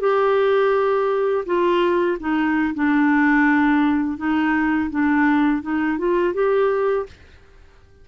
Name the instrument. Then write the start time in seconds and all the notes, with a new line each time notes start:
clarinet
0.00 G4
1.46 F4
2.20 D#4
2.74 D4
4.17 D#4
4.90 D4
5.62 D#4
5.98 F4
6.34 G4